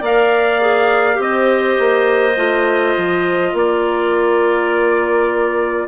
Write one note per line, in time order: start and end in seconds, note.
0.00 1.19 A#3
0.00 0.61 A#4
0.00 1.18 D5
0.00 1.22 F5
0.61 1.14 G#4
1.14 1.78 C4
1.14 2.32 G4
1.21 3.52 C5
1.21 3.57 D#5
1.79 2.37 A#3
2.37 2.96 A3
2.37 5.88 F4
2.97 3.53 F3
3.52 5.88 A#3
3.52 5.88 A#4
3.52 5.88 D5